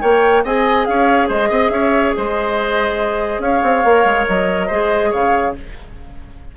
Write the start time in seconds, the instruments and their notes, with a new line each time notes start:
0.00 bassoon A#3, clarinet A#4, oboe C#5, flute G5
0.44 bassoon C4, clarinet G#4, oboe D#5, flute G#5
0.85 bassoon C#4, oboe C#5, flute F5
1.27 bassoon G#3, oboe C5, flute D#5
1.49 bassoon C4, oboe D#5
1.70 bassoon C#4, oboe C#5, flute E5
2.16 bassoon G#3, oboe C5, flute D#5
3.38 bassoon C#4, oboe C#5, flute F5
3.63 bassoon C4
3.84 bassoon A#3, clarinet A#4
4.04 bassoon G#3
4.28 bassoon F#3, flute D#5
4.67 bassoon G#3, clarinet G#4, oboe C5
5.09 bassoon C#3, oboe C#5, flute F5